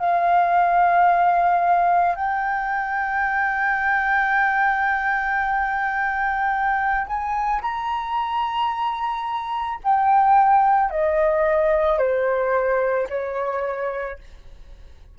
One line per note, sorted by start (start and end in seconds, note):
0.00 2.16 F5
2.16 7.07 G5
7.07 7.62 G#5
7.62 9.80 A#5
9.84 10.90 G5
10.90 11.99 D#5
11.99 13.08 C5
13.10 14.19 C#5